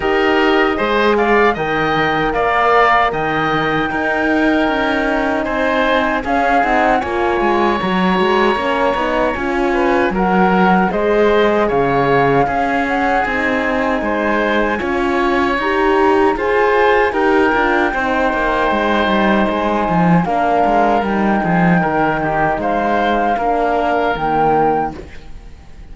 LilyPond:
<<
  \new Staff \with { instrumentName = "flute" } { \time 4/4 \tempo 4 = 77 dis''4. f''8 g''4 f''4 | g''2. gis''4 | f''8 fis''8 gis''4 ais''2 | gis''4 fis''4 dis''4 f''4~ |
f''8 fis''8 gis''2. | ais''4 gis''4 g''2~ | g''4 gis''4 f''4 g''4~ | g''4 f''2 g''4 | }
  \new Staff \with { instrumentName = "oboe" } { \time 4/4 ais'4 c''8 d''8 dis''4 d''4 | dis''4 ais'2 c''4 | gis'4 cis''2.~ | cis''8 b'8 ais'4 c''4 cis''4 |
gis'2 c''4 cis''4~ | cis''4 c''4 ais'4 c''4~ | c''2 ais'4. gis'8 | ais'8 g'8 c''4 ais'2 | }
  \new Staff \with { instrumentName = "horn" } { \time 4/4 g'4 gis'4 ais'2~ | ais'4 dis'2. | cis'8 dis'8 f'4 fis'4 cis'8 dis'8 | f'4 fis'4 gis'2 |
cis'4 dis'2 f'4 | g'4 gis'4 g'8 f'8 dis'4~ | dis'2 d'4 dis'4~ | dis'2 d'4 ais4 | }
  \new Staff \with { instrumentName = "cello" } { \time 4/4 dis'4 gis4 dis4 ais4 | dis4 dis'4 cis'4 c'4 | cis'8 c'8 ais8 gis8 fis8 gis8 ais8 b8 | cis'4 fis4 gis4 cis4 |
cis'4 c'4 gis4 cis'4 | dis'4 f'4 dis'8 d'8 c'8 ais8 | gis8 g8 gis8 f8 ais8 gis8 g8 f8 | dis4 gis4 ais4 dis4 | }
>>